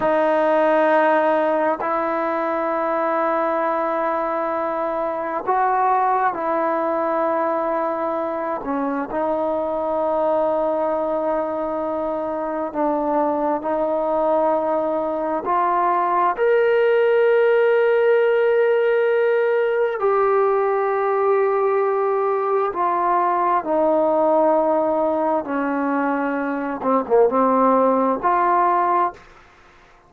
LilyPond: \new Staff \with { instrumentName = "trombone" } { \time 4/4 \tempo 4 = 66 dis'2 e'2~ | e'2 fis'4 e'4~ | e'4. cis'8 dis'2~ | dis'2 d'4 dis'4~ |
dis'4 f'4 ais'2~ | ais'2 g'2~ | g'4 f'4 dis'2 | cis'4. c'16 ais16 c'4 f'4 | }